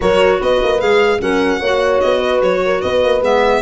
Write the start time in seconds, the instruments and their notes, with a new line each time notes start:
0.00 tuba F#3, clarinet F#4, horn A#4, violin C#5
0.39 tuba B3, horn B4, violin D#5
0.63 tuba A#3
0.79 tuba G#3, clarinet G#4, violin F5
1.19 tuba F#3, clarinet C#4, horn A#4, violin F#5
1.59 tuba A#3, clarinet F#4, horn C#5
2.00 tuba B3, violin D#5
2.19 horn B4
2.41 tuba F#3, violin C#5
2.64 horn A#4
2.81 tuba B3, horn B4, violin D#5
3.03 tuba A#3
3.21 tuba G#3, clarinet B3, violin E5